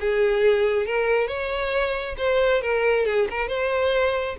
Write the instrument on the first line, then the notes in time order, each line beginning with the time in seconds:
violin
0.00 G#4
0.86 A#4
1.28 C#5
2.18 C5
2.61 A#4
3.06 G#4
3.30 A#4
3.48 C5